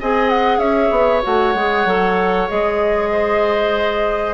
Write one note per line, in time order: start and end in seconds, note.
0.00 0.58 C4
0.00 1.22 G#4
0.00 0.58 D#5
0.00 0.29 G#5
0.29 0.59 F#5
0.58 0.89 C#4
0.58 3.08 C#5
0.58 1.21 E5
0.90 1.22 B3
1.22 1.54 A3
1.22 1.54 F#4
1.22 2.49 F#5
1.54 1.85 G#3
1.54 1.87 G#4
1.85 2.48 F#3
1.85 2.49 A4
2.49 4.33 G#3
2.49 4.33 G#4
2.49 4.33 D#5
3.12 4.33 C5